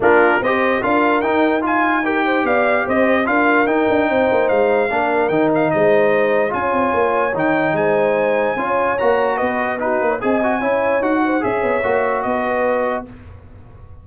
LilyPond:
<<
  \new Staff \with { instrumentName = "trumpet" } { \time 4/4 \tempo 4 = 147 ais'4 dis''4 f''4 g''4 | gis''4 g''4 f''4 dis''4 | f''4 g''2 f''4~ | f''4 g''8 f''8 dis''2 |
gis''2 g''4 gis''4~ | gis''2 ais''4 dis''4 | b'4 gis''2 fis''4 | e''2 dis''2 | }
  \new Staff \with { instrumentName = "horn" } { \time 4/4 f'4 c''4 ais'2 | f''4 ais'8 c''8 d''4 c''4 | ais'2 c''2 | ais'2 c''2 |
cis''2. c''4~ | c''4 cis''2 b'4 | fis'8. cis''16 dis''4 cis''4. c''8 | cis''2 b'2 | }
  \new Staff \with { instrumentName = "trombone" } { \time 4/4 d'4 g'4 f'4 dis'4 | f'4 g'2. | f'4 dis'2. | d'4 dis'2. |
f'2 dis'2~ | dis'4 f'4 fis'2 | dis'4 gis'8 fis'8 e'4 fis'4 | gis'4 fis'2. | }
  \new Staff \with { instrumentName = "tuba" } { \time 4/4 ais4 c'4 d'4 dis'4~ | dis'2 b4 c'4 | d'4 dis'8 d'8 c'8 ais8 gis4 | ais4 dis4 gis2 |
cis'8 c'8 ais4 dis4 gis4~ | gis4 cis'4 ais4 b4~ | b8 ais8 c'4 cis'4 dis'4 | cis'8 b8 ais4 b2 | }
>>